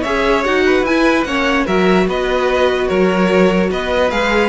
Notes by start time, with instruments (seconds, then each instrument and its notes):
0.00 cello C#4, viola G#4, violin C#5 E5
0.44 cello D#4, viola F#4, violin F#5
0.66 violin B4
0.82 cello E4, violin G#5
0.88 viola E4
1.24 cello A#3, viola C#4, violin C#5 F#5
1.65 cello F#3, viola F#4, violin A#4 E5
2.07 cello B3, violin B4 D#5
2.87 cello F#3, violin A#4 C#5
3.70 cello B3, violin B4 D#5
4.10 cello G#3, viola G#4, violin F5